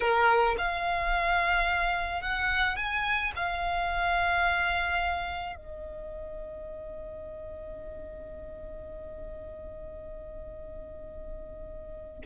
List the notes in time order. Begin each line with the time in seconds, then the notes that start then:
0.00 A#4
0.58 F5
2.21 F#5
2.76 G#5
3.35 F5
5.55 D#5